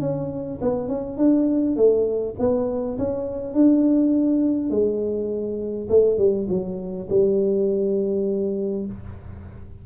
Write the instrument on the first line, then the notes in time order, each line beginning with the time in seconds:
tuba
0.00 C#4
0.61 B3
0.88 C#4
1.17 D4
1.76 A3
2.39 B3
2.98 C#4
3.53 D4
4.70 G#3
5.89 A3
6.18 G3
6.49 F#3
7.09 G3